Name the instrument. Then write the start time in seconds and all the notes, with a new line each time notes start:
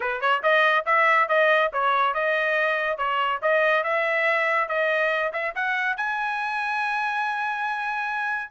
trumpet
0.00 B4
0.20 C#5
0.42 D#5
0.85 E5
1.28 D#5
1.72 C#5
2.14 D#5
2.97 C#5
3.42 D#5
3.83 E5
4.68 D#5
5.32 E5
5.55 F#5
5.96 G#5